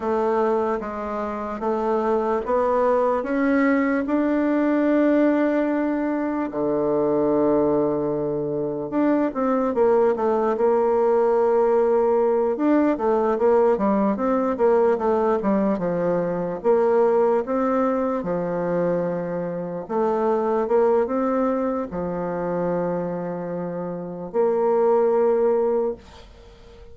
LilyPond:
\new Staff \with { instrumentName = "bassoon" } { \time 4/4 \tempo 4 = 74 a4 gis4 a4 b4 | cis'4 d'2. | d2. d'8 c'8 | ais8 a8 ais2~ ais8 d'8 |
a8 ais8 g8 c'8 ais8 a8 g8 f8~ | f8 ais4 c'4 f4.~ | f8 a4 ais8 c'4 f4~ | f2 ais2 | }